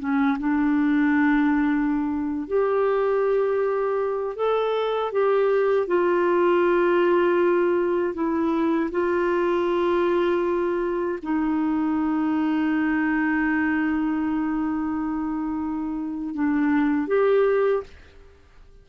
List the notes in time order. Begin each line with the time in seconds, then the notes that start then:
0.00 C#4
0.39 D4
2.48 G4
4.36 A4
5.12 G4
5.88 F4
8.14 E4
8.91 F4
11.23 D#4
16.35 D4
17.07 G4